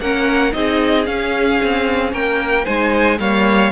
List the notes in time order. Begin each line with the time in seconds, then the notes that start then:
0.00 A#3 C#4 A#4 F#5
0.52 C4 D#4 G#4 D#5
1.04 C#4 F5
1.62 C4
2.12 A#3 A#4 G5
2.65 G#3 D#4 C5 G#5
3.19 G3 A#3 C#5 F5